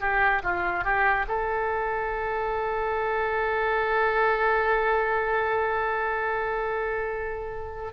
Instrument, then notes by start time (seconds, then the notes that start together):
oboe
0.00 G4
0.43 F4
0.84 G4
1.27 A4